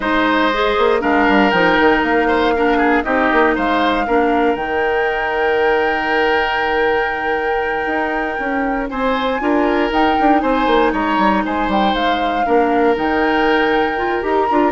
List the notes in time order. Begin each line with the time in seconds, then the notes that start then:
0.00 G#3 D#4 C5 D#5
0.53 G#4
0.78 A#3
1.00 G#3 D4 A#4 F5
1.28 G3
1.50 F3 D#4 G5
1.80 D#3
2.02 A#3 F5
2.27 C5
2.56 D4 A#4
2.77 G#4
3.03 C4 D#4 G4 D#5
3.32 A#3
3.55 G#3 C5 F5
4.06 A#3 D4 A#4
4.54 D#3 D#4 G5
7.86 D#4
8.39 C#4
8.89 C4 C5 G#5
9.39 D4 F4 A#4
9.90 D#4 G5
10.20 D4
10.40 C4 C5 G#5
10.67 A#3
10.92 G#3 C#5 A#5
11.18 G3
11.45 G#3 C5 G#5
11.68 G3 G5
11.93 G#3 F5
12.45 A#3 D4 A#4
12.95 D#3 D#4 G5
13.97 F4
14.22 D#4 G4 A#5
14.50 D4 F4